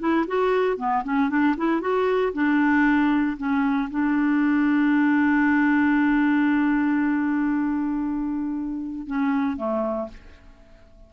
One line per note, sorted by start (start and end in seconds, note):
0.00 0.26 E4
0.27 0.78 F#4
0.78 1.03 B3
1.04 1.30 C#4
1.30 1.56 D4
1.58 1.81 E4
1.81 2.33 F#4
2.34 3.37 D4
3.38 3.89 C#4
3.91 9.07 D4
9.07 9.57 C#4
9.57 10.09 A3